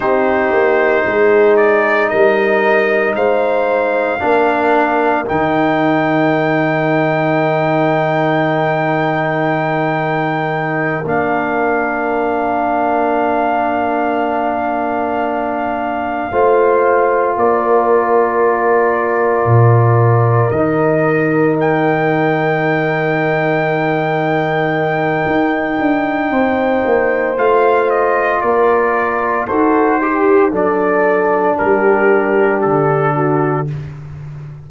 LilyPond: <<
  \new Staff \with { instrumentName = "trumpet" } { \time 4/4 \tempo 4 = 57 c''4. d''8 dis''4 f''4~ | f''4 g''2.~ | g''2~ g''8 f''4.~ | f''1~ |
f''8 d''2. dis''8~ | dis''8 g''2.~ g''8~ | g''2 f''8 dis''8 d''4 | c''4 d''4 ais'4 a'4 | }
  \new Staff \with { instrumentName = "horn" } { \time 4/4 g'4 gis'4 ais'4 c''4 | ais'1~ | ais'1~ | ais'2.~ ais'8 c''8~ |
c''8 ais'2.~ ais'8~ | ais'1~ | ais'4 c''2 ais'4 | a'8 g'8 a'4 g'4. fis'8 | }
  \new Staff \with { instrumentName = "trombone" } { \time 4/4 dis'1 | d'4 dis'2.~ | dis'2~ dis'8 d'4.~ | d'2.~ d'8 f'8~ |
f'2.~ f'8 dis'8~ | dis'1~ | dis'2 f'2 | fis'8 g'8 d'2. | }
  \new Staff \with { instrumentName = "tuba" } { \time 4/4 c'8 ais8 gis4 g4 gis4 | ais4 dis2.~ | dis2~ dis8 ais4.~ | ais2.~ ais8 a8~ |
a8 ais2 ais,4 dis8~ | dis1 | dis'8 d'8 c'8 ais8 a4 ais4 | dis'4 fis4 g4 d4 | }
>>